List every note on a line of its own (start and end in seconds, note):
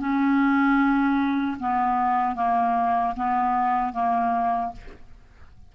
0.00 1.58 C#4
1.60 2.36 B3
2.36 3.15 A#3
3.16 3.93 B3
3.93 4.72 A#3